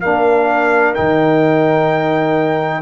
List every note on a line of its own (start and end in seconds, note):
0.00 0.98 A#3
0.00 0.95 D4
0.00 2.81 A#4
0.00 0.94 F5
0.94 2.81 D#3
0.94 2.81 D#4
0.94 2.81 G5